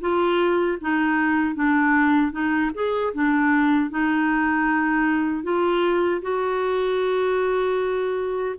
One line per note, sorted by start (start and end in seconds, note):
0.00 0.78 F4
0.80 1.55 D#4
1.55 2.32 D4
2.32 2.71 D#4
2.74 3.13 G#4
3.13 3.90 D4
3.90 5.43 D#4
5.43 6.21 F4
6.21 8.55 F#4